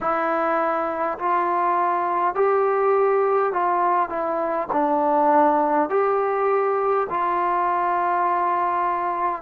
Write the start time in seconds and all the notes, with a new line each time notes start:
0.00 E4
1.18 F4
2.35 G4
3.52 F4
4.09 E4
4.72 D4
5.89 G4
7.09 F4